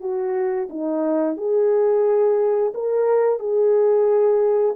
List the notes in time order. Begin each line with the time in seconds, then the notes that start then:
0.00 F#4
0.69 D#4
1.36 G#4
2.74 A#4
3.39 G#4